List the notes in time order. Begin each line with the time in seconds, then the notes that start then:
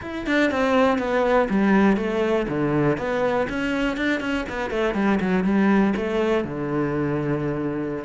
0.01 E4
0.26 D4
0.50 C4
0.98 B3
1.49 G3
1.96 A3
2.48 D3
2.97 B3
3.49 C#4
3.97 D4
4.20 C#4
4.49 B3
4.70 A3
4.94 G3
5.20 F#3
5.44 G3
5.96 A3
6.44 D3